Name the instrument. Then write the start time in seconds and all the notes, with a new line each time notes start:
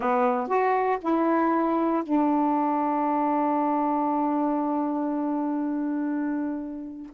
saxophone
0.00 B3
0.47 F#4
1.01 E4
2.03 D4